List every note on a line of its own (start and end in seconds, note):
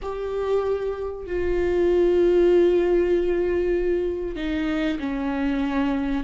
0.02 1.26 G4
1.26 4.36 F4
4.36 4.98 D#4
4.99 6.23 C#4